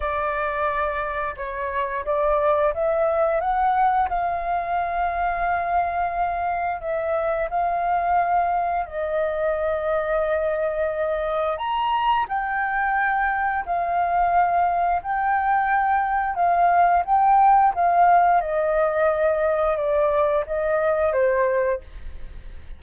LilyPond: \new Staff \with { instrumentName = "flute" } { \time 4/4 \tempo 4 = 88 d''2 cis''4 d''4 | e''4 fis''4 f''2~ | f''2 e''4 f''4~ | f''4 dis''2.~ |
dis''4 ais''4 g''2 | f''2 g''2 | f''4 g''4 f''4 dis''4~ | dis''4 d''4 dis''4 c''4 | }